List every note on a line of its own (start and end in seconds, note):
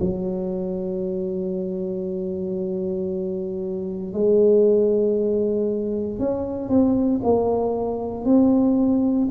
0.00 4.13 F#3
4.13 6.18 G#3
6.18 6.69 C#4
6.69 7.20 C4
7.23 8.25 A#3
8.25 9.28 C4